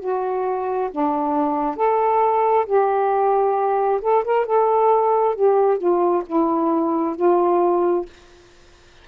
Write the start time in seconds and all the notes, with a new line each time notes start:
0.00 F#4
0.91 D4
1.76 A4
2.66 G4
4.01 A4
4.24 A#4
4.46 A4
5.35 G4
5.78 F4
6.26 E4
7.16 F4